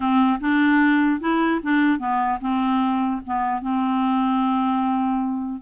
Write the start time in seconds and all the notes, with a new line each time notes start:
0.00 C4
0.40 D4
1.20 E4
1.63 D4
1.98 B3
2.40 C4
3.26 B3
3.61 C4